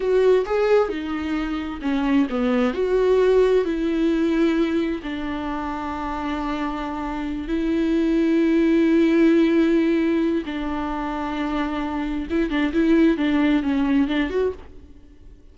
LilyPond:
\new Staff \with { instrumentName = "viola" } { \time 4/4 \tempo 4 = 132 fis'4 gis'4 dis'2 | cis'4 b4 fis'2 | e'2. d'4~ | d'1~ |
d'8 e'2.~ e'8~ | e'2. d'4~ | d'2. e'8 d'8 | e'4 d'4 cis'4 d'8 fis'8 | }